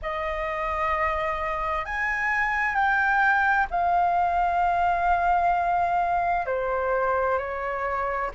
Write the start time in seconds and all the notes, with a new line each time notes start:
0.02 D#5
1.85 G#5
2.74 G5
3.70 F5
6.46 C5
7.38 C#5